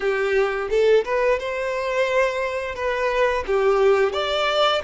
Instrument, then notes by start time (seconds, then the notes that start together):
violin
0.00 G4
0.70 A4
1.04 B4
1.39 C5
2.75 B4
3.46 G4
4.12 D5